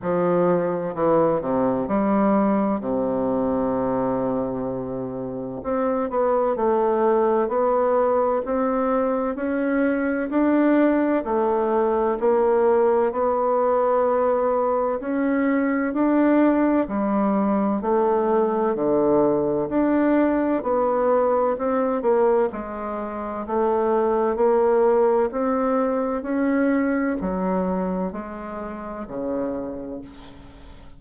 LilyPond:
\new Staff \with { instrumentName = "bassoon" } { \time 4/4 \tempo 4 = 64 f4 e8 c8 g4 c4~ | c2 c'8 b8 a4 | b4 c'4 cis'4 d'4 | a4 ais4 b2 |
cis'4 d'4 g4 a4 | d4 d'4 b4 c'8 ais8 | gis4 a4 ais4 c'4 | cis'4 fis4 gis4 cis4 | }